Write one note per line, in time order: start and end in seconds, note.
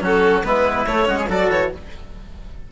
0.00 0.42 F#3
0.00 0.43 C#4
0.00 0.45 F#4
0.00 0.44 A4
0.44 0.87 G#3
0.44 0.86 B3
0.44 1.08 E4
0.44 0.86 B4
0.86 1.08 A3
0.86 1.05 A3
0.86 1.29 C#5
1.05 1.29 G#3
1.05 1.26 C#4
1.05 1.18 F#4
1.19 1.29 G#4
1.29 1.49 F#3
1.29 1.72 F#4
1.29 1.71 A4
1.29 1.51 D5
1.49 1.71 E3
1.49 1.72 C#5